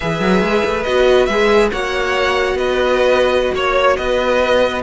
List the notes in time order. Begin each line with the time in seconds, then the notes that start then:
0.00 E3 G#4 B4 E5
0.20 F#3
0.41 G#3
0.64 A3
0.83 B3 F#4 D#5
1.25 G#3 G#4 E5
1.71 A#3 F#4 C#5 F#5
2.54 B3 B4 D#5
3.54 A#3 C#5
3.96 B3 B4 D#5